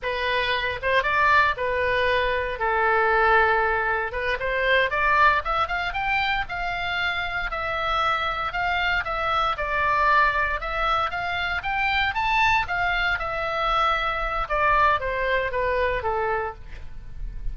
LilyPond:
\new Staff \with { instrumentName = "oboe" } { \time 4/4 \tempo 4 = 116 b'4. c''8 d''4 b'4~ | b'4 a'2. | b'8 c''4 d''4 e''8 f''8 g''8~ | g''8 f''2 e''4.~ |
e''8 f''4 e''4 d''4.~ | d''8 e''4 f''4 g''4 a''8~ | a''8 f''4 e''2~ e''8 | d''4 c''4 b'4 a'4 | }